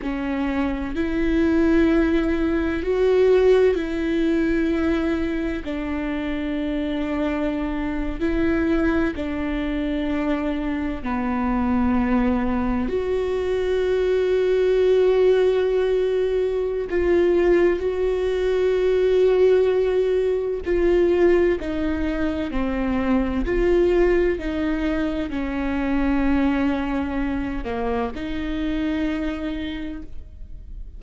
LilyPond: \new Staff \with { instrumentName = "viola" } { \time 4/4 \tempo 4 = 64 cis'4 e'2 fis'4 | e'2 d'2~ | d'8. e'4 d'2 b16~ | b4.~ b16 fis'2~ fis'16~ |
fis'2 f'4 fis'4~ | fis'2 f'4 dis'4 | c'4 f'4 dis'4 cis'4~ | cis'4. ais8 dis'2 | }